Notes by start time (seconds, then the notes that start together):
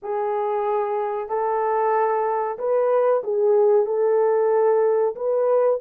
0.02 G#4
1.28 A4
2.58 B4
3.23 G#4
3.86 A4
5.15 B4